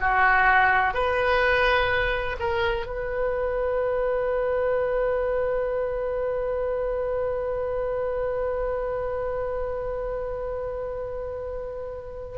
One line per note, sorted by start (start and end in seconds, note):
0.00 0.94 F#4
0.94 2.36 B4
2.39 2.86 A#4
2.86 12.38 B4